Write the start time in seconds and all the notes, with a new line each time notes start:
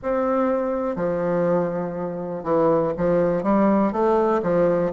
0.02 C4
0.96 F3
2.43 E3
2.97 F3
3.43 G3
3.92 A3
4.43 F3